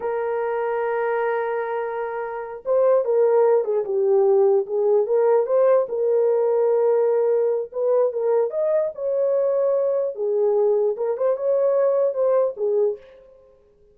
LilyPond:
\new Staff \with { instrumentName = "horn" } { \time 4/4 \tempo 4 = 148 ais'1~ | ais'2~ ais'8 c''4 ais'8~ | ais'4 gis'8 g'2 gis'8~ | gis'8 ais'4 c''4 ais'4.~ |
ais'2. b'4 | ais'4 dis''4 cis''2~ | cis''4 gis'2 ais'8 c''8 | cis''2 c''4 gis'4 | }